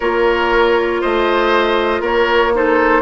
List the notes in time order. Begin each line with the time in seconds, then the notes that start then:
0.00 A#3 F4 A#4 C#5
1.01 A3 C5 D#5
2.00 A#3 A#4 C#5
2.54 D#4 A4 C5